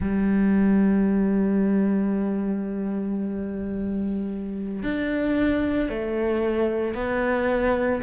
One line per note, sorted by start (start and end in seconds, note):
0.00 4.82 G3
4.82 5.89 D4
5.89 6.94 A3
6.94 8.01 B3